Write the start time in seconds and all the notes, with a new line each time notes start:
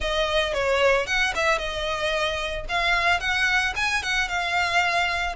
0.00 D#5
0.53 C#5
1.06 F#5
1.35 E5
1.58 D#5
2.68 F5
3.20 F#5
3.75 G#5
4.02 F#5
4.28 F5